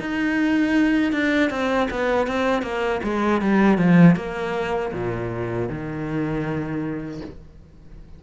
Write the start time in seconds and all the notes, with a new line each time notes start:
0.00 D#4
1.12 D4
1.50 C4
1.91 B3
2.27 C4
2.62 A#3
3.03 G#3
3.41 G3
3.78 F3
4.16 A#3
4.93 A#2
5.69 D#3